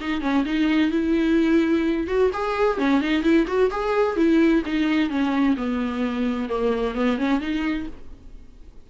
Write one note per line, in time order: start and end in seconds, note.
0.00 0.21 D#4
0.21 0.44 C#4
0.45 0.91 D#4
0.91 2.07 E4
2.07 2.30 F#4
2.33 2.78 G#4
2.78 3.01 C#4
3.01 3.23 D#4
3.23 3.46 E4
3.47 3.70 F#4
3.71 4.16 G#4
4.16 4.63 E4
4.66 5.10 D#4
5.10 5.56 C#4
5.57 6.49 B3
6.49 6.95 A#3
6.95 7.18 B3
7.18 7.40 C#4
7.40 7.87 D#4